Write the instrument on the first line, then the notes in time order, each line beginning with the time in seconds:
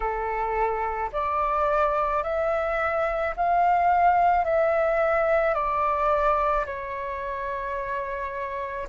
flute
0.00 A4
1.12 D5
2.23 E5
3.36 F5
4.44 E5
5.54 D5
6.65 C#5